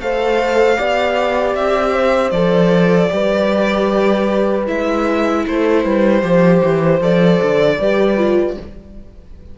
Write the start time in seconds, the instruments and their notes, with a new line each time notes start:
0.00 cello A3, viola A4, horn C5, violin F5
0.77 cello B3, viola G4, horn D5
1.55 cello C4, violin E5
1.93 horn C5
2.31 cello F3, viola A4, violin D5
3.10 cello G3, viola G4, horn B4
4.67 cello G#3, viola E4, violin E5
5.47 cello A3, horn A4, violin C5
5.84 cello G3, horn B4
6.22 cello F3, viola G4, horn C5
6.64 cello E3
7.01 cello F3, viola A4, violin D5
7.43 cello D3
7.79 cello G3, viola G4, horn B4
8.17 viola F4